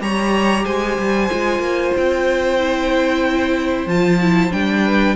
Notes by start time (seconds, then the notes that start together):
0.00 G3 G4 C#5 A#5
0.64 G#3 C5 G#5
0.98 G3
1.30 G#3 F4
1.59 A#3
1.97 C4 G5
2.59 E4
3.86 F3 F4 A5
4.20 E4
4.51 G3 D4 G5
4.85 B4